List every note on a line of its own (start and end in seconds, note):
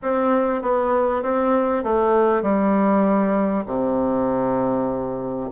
0.02 0.62 C4
0.62 1.22 B3
1.22 1.83 C4
1.83 2.42 A3
2.42 3.65 G3
3.66 5.50 C3